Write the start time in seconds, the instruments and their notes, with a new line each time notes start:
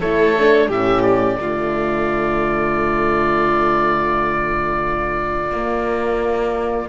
0.00 cello A3, horn E4, violin A4, oboe C#5
0.39 horn D4
0.68 cello A2, horn C#4, violin G4, oboe E5
1.02 oboe D5
1.38 cello D3, horn A3, violin F4
5.51 horn A#3, cello A#3